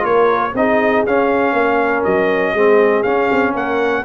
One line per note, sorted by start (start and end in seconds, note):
0.00 0.53 A#3
0.00 0.50 F4
0.00 0.53 A#4
0.00 0.54 C#5
0.54 1.04 C4
0.54 1.07 D#4
0.54 1.54 G#4
0.54 1.06 D#5
1.06 1.53 C#4
1.06 2.56 C#4
1.06 2.04 F5
1.53 2.03 A#3
1.53 2.52 A#4
2.04 2.53 F#3
2.04 3.02 D#5
2.52 3.03 G#3
2.52 3.05 C4
2.52 3.51 G#4
3.02 3.29 C#4
3.02 4.04 C#4
3.02 3.52 F5
3.31 3.53 C4
3.51 4.03 A#3
3.51 4.01 A#4
3.51 4.04 F#5